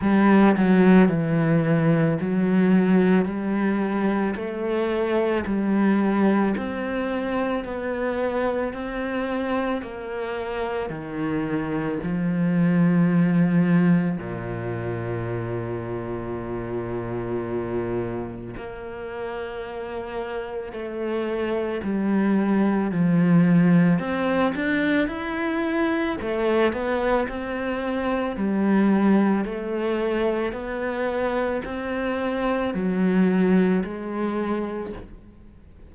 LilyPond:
\new Staff \with { instrumentName = "cello" } { \time 4/4 \tempo 4 = 55 g8 fis8 e4 fis4 g4 | a4 g4 c'4 b4 | c'4 ais4 dis4 f4~ | f4 ais,2.~ |
ais,4 ais2 a4 | g4 f4 c'8 d'8 e'4 | a8 b8 c'4 g4 a4 | b4 c'4 fis4 gis4 | }